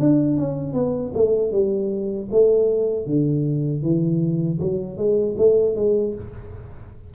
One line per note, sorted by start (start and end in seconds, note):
0.00 0.38 D4
0.38 0.74 C#4
0.74 1.12 B3
1.14 1.52 A3
1.52 2.29 G3
2.31 3.06 A3
3.06 3.83 D3
3.83 4.59 E3
4.60 4.98 F#3
4.98 5.36 G#3
5.38 5.76 A3
5.76 6.15 G#3